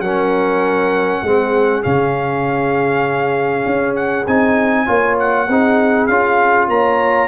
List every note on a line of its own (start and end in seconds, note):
0.00 1.21 F#3
0.00 1.26 C#4
0.00 1.24 A#4
0.00 1.83 F#5
1.22 1.83 G#3
1.22 1.83 C4
1.22 4.86 G#4
1.83 3.66 C#3
1.83 4.25 C#4
1.83 3.95 F5
3.66 4.26 C#4
3.96 4.26 F#5
4.27 4.87 C4
4.27 4.86 D#4
4.27 5.18 G#5
4.86 5.48 A#3
4.86 5.47 F4
4.86 5.46 C#5
5.19 6.07 F#5
5.48 6.08 C4
5.48 6.10 D#4
5.48 6.69 G#4
6.07 6.68 C#4
6.07 7.28 F4
6.07 6.67 F5
6.68 7.28 A#3
6.68 7.28 C#5
6.68 7.28 A#5